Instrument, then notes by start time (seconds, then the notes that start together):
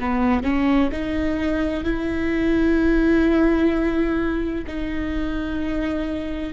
viola
0.00 B3
0.43 C#4
0.92 D#4
1.84 E4
4.67 D#4